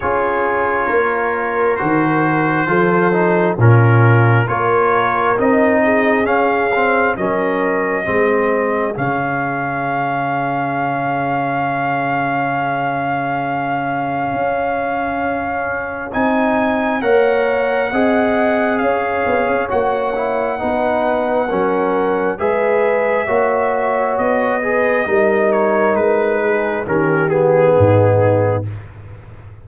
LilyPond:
<<
  \new Staff \with { instrumentName = "trumpet" } { \time 4/4 \tempo 4 = 67 cis''2 c''2 | ais'4 cis''4 dis''4 f''4 | dis''2 f''2~ | f''1~ |
f''2 gis''4 fis''4~ | fis''4 f''4 fis''2~ | fis''4 e''2 dis''4~ | dis''8 cis''8 b'4 ais'8 gis'4. | }
  \new Staff \with { instrumentName = "horn" } { \time 4/4 gis'4 ais'2 a'4 | f'4 ais'4. gis'4. | ais'4 gis'2.~ | gis'1~ |
gis'2. cis''4 | dis''4 cis''2 b'4 | ais'4 b'4 cis''4. b'8 | ais'4. gis'8 g'4 dis'4 | }
  \new Staff \with { instrumentName = "trombone" } { \time 4/4 f'2 fis'4 f'8 dis'8 | cis'4 f'4 dis'4 cis'8 c'8 | cis'4 c'4 cis'2~ | cis'1~ |
cis'2 dis'4 ais'4 | gis'2 fis'8 e'8 dis'4 | cis'4 gis'4 fis'4. gis'8 | dis'2 cis'8 b4. | }
  \new Staff \with { instrumentName = "tuba" } { \time 4/4 cis'4 ais4 dis4 f4 | ais,4 ais4 c'4 cis'4 | fis4 gis4 cis2~ | cis1 |
cis'2 c'4 ais4 | c'4 cis'8 b16 cis'16 ais4 b4 | fis4 gis4 ais4 b4 | g4 gis4 dis4 gis,4 | }
>>